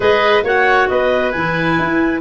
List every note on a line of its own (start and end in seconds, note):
0.00 0.43 G#3
0.00 0.42 G#4
0.00 0.43 B4
0.00 0.45 D#5
0.43 0.87 A#3
0.43 1.33 F#4
0.43 0.88 C#5
0.43 0.88 F#5
0.88 1.34 B3
0.88 2.20 B4
0.88 1.31 D#5
1.31 1.78 E3
1.31 2.20 E4
1.31 2.20 G#5
1.78 2.20 E4